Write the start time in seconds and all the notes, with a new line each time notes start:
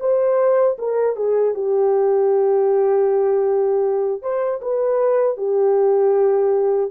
0.00 C5
0.78 A#4
1.16 G#4
1.54 G4
4.22 C5
4.61 B4
5.37 G4